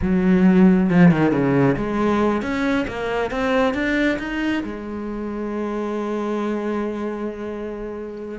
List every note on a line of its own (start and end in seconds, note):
0.01 0.89 F#3
0.89 1.11 F3
1.11 1.31 D#3
1.31 1.75 C#3
1.76 2.42 G#3
2.42 2.86 C#4
2.87 3.30 A#3
3.30 3.73 C4
3.73 4.18 D4
4.19 4.63 D#4
4.63 8.38 G#3